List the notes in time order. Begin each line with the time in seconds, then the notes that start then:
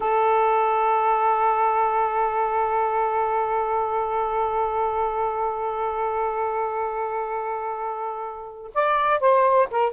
0.00 A4
8.74 D5
9.20 C5
9.71 A#4